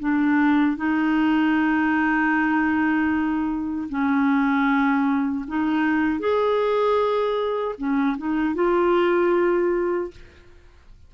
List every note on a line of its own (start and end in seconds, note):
0.00 0.77 D4
0.77 3.89 D#4
3.90 5.45 C#4
5.48 6.20 D#4
6.20 7.76 G#4
7.78 8.17 C#4
8.18 8.55 D#4
8.55 10.11 F4